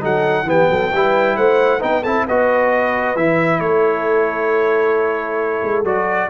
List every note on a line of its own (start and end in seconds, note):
0.00 0.43 F#3
0.00 0.45 D#4
0.00 0.45 A4
0.00 0.49 F#5
0.43 0.65 E3
0.43 0.91 B3
0.49 0.71 G4
0.49 1.36 G5
0.69 0.92 F#3
0.69 0.93 A4
0.92 1.36 G3
0.92 1.80 E4
0.92 1.36 B4
1.36 1.81 A3
1.36 1.79 C5
1.36 1.81 F#5
1.79 2.04 B3
1.79 2.02 D#4
1.79 2.01 B4
1.79 2.03 G5
2.01 2.27 C4
2.01 2.28 E4
2.01 2.24 A4
2.01 2.25 A5
2.26 3.15 B3
2.26 3.16 F#4
2.26 3.60 B4
2.26 3.16 D#5
3.15 3.60 E3
3.15 5.84 E4
3.15 3.60 E5
3.60 5.61 A3
3.60 6.29 A4
3.60 5.83 C#5
5.63 5.84 G#3
5.84 6.28 F#3
5.84 6.29 F#4
5.84 6.29 D5